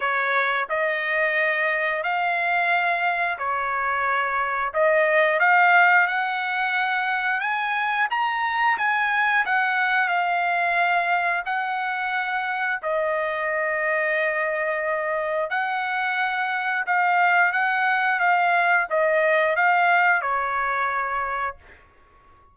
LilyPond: \new Staff \with { instrumentName = "trumpet" } { \time 4/4 \tempo 4 = 89 cis''4 dis''2 f''4~ | f''4 cis''2 dis''4 | f''4 fis''2 gis''4 | ais''4 gis''4 fis''4 f''4~ |
f''4 fis''2 dis''4~ | dis''2. fis''4~ | fis''4 f''4 fis''4 f''4 | dis''4 f''4 cis''2 | }